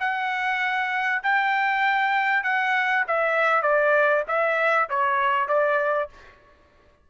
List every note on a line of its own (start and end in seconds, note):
0.00 1.22 F#5
1.23 2.44 G5
2.44 3.05 F#5
3.08 3.63 E5
3.63 4.24 D5
4.28 4.90 E5
4.90 5.48 C#5
5.48 6.09 D5